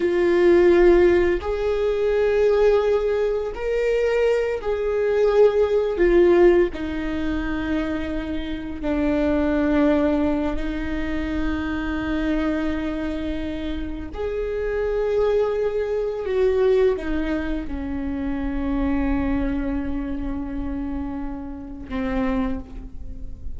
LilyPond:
\new Staff \with { instrumentName = "viola" } { \time 4/4 \tempo 4 = 85 f'2 gis'2~ | gis'4 ais'4. gis'4.~ | gis'8 f'4 dis'2~ dis'8~ | dis'8 d'2~ d'8 dis'4~ |
dis'1 | gis'2. fis'4 | dis'4 cis'2.~ | cis'2. c'4 | }